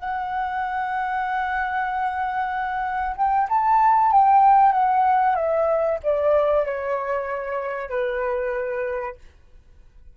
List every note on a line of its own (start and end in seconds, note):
0.00 3.16 F#5
3.17 3.49 G5
3.50 4.13 A5
4.13 4.73 G5
4.73 5.36 F#5
5.36 5.99 E5
6.03 6.66 D5
6.66 7.90 C#5
7.90 9.16 B4